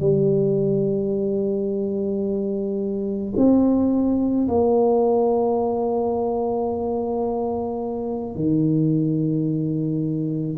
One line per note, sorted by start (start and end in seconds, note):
0.00 3.33 G3
3.37 4.48 C4
4.48 8.35 A#3
8.35 10.58 D#3